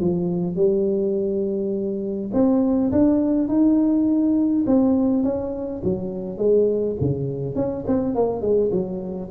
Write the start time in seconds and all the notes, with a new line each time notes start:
0.00 F3
0.56 G3
2.33 C4
2.92 D4
3.48 D#4
4.67 C4
5.24 C#4
5.84 F#3
6.38 G#3
7.01 C#3
7.55 C#4
7.87 C4
8.15 A#3
8.41 G#3
8.72 F#3